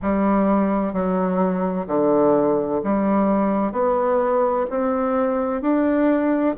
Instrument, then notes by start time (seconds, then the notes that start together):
bassoon
0.02 G3
0.93 F#3
1.87 D3
2.83 G3
3.72 B3
4.70 C4
5.61 D4